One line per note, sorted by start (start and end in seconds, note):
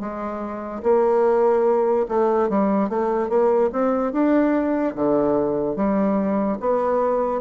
0.00 0.82 G#3
0.83 2.07 A#3
2.08 2.50 A3
2.50 2.90 G3
2.90 3.29 A3
3.29 3.70 A#3
3.73 4.13 C4
4.13 4.95 D4
4.95 5.76 D3
5.76 6.58 G3
6.60 7.41 B3